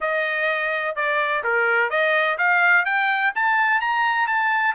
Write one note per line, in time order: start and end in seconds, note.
0.00 0.95 D#5
0.95 1.43 D5
1.43 1.90 A#4
1.90 2.37 D#5
2.37 2.85 F5
2.85 3.32 G5
3.35 3.81 A5
3.81 4.27 A#5
4.27 4.74 A5